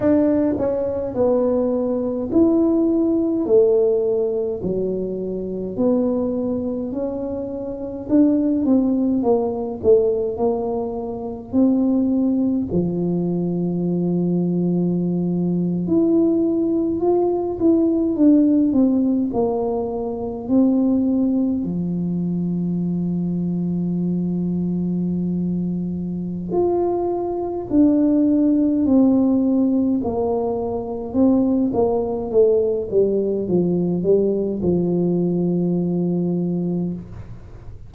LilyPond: \new Staff \with { instrumentName = "tuba" } { \time 4/4 \tempo 4 = 52 d'8 cis'8 b4 e'4 a4 | fis4 b4 cis'4 d'8 c'8 | ais8 a8 ais4 c'4 f4~ | f4.~ f16 e'4 f'8 e'8 d'16~ |
d'16 c'8 ais4 c'4 f4~ f16~ | f2. f'4 | d'4 c'4 ais4 c'8 ais8 | a8 g8 f8 g8 f2 | }